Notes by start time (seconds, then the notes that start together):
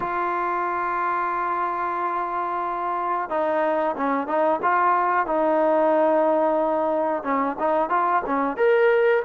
0.00 F4
3.29 D#4
3.97 C#4
4.27 D#4
4.62 F4
5.26 D#4
7.23 C#4
7.59 D#4
7.89 F4
8.26 C#4
8.57 A#4